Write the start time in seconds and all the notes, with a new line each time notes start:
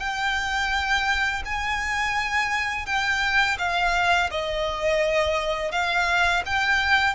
0.00 G5
1.45 G#5
2.86 G5
3.58 F5
4.31 D#5
5.71 F5
6.45 G5